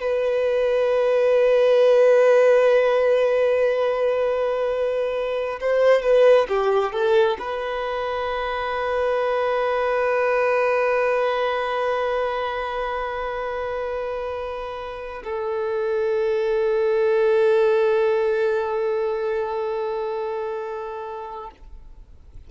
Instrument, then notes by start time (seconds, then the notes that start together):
violin
0.00 B4
5.60 C5
6.02 B4
6.48 G4
6.92 A4
7.39 B4
15.24 A4